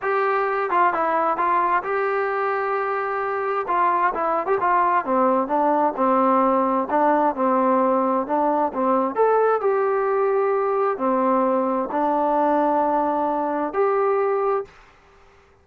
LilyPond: \new Staff \with { instrumentName = "trombone" } { \time 4/4 \tempo 4 = 131 g'4. f'8 e'4 f'4 | g'1 | f'4 e'8. g'16 f'4 c'4 | d'4 c'2 d'4 |
c'2 d'4 c'4 | a'4 g'2. | c'2 d'2~ | d'2 g'2 | }